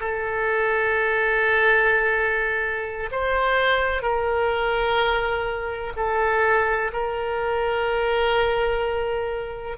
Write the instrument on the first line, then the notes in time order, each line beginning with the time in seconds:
oboe
0.00 A4
3.11 C5
4.02 A#4
5.96 A4
6.92 A#4